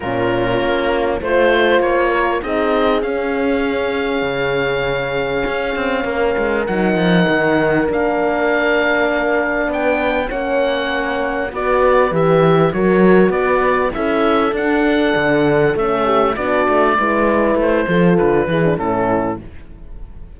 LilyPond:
<<
  \new Staff \with { instrumentName = "oboe" } { \time 4/4 \tempo 4 = 99 ais'2 c''4 cis''4 | dis''4 f''2.~ | f''2. fis''4~ | fis''4 f''2. |
g''4 fis''2 d''4 | e''4 cis''4 d''4 e''4 | fis''2 e''4 d''4~ | d''4 c''4 b'4 a'4 | }
  \new Staff \with { instrumentName = "horn" } { \time 4/4 f'2 c''4. ais'8 | gis'1~ | gis'2 ais'2~ | ais'1 |
b'4 cis''2 b'4~ | b'4 ais'4 b'4 a'4~ | a'2~ a'8 g'8 fis'4 | b'4. a'4 gis'8 e'4 | }
  \new Staff \with { instrumentName = "horn" } { \time 4/4 cis'2 f'2 | dis'4 cis'2.~ | cis'2. dis'4~ | dis'4 d'2.~ |
d'4 cis'2 fis'4 | g'4 fis'2 e'4 | d'2 cis'4 d'4 | e'4. f'4 e'16 d'16 cis'4 | }
  \new Staff \with { instrumentName = "cello" } { \time 4/4 ais,4 ais4 a4 ais4 | c'4 cis'2 cis4~ | cis4 cis'8 c'8 ais8 gis8 fis8 f8 | dis4 ais2. |
b4 ais2 b4 | e4 fis4 b4 cis'4 | d'4 d4 a4 b8 a8 | gis4 a8 f8 d8 e8 a,4 | }
>>